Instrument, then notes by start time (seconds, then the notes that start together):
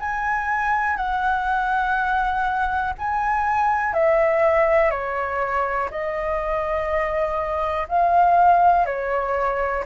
flute
0.00 G#5
0.97 F#5
2.99 G#5
3.93 E5
4.91 C#5
5.91 D#5
7.89 F5
8.86 C#5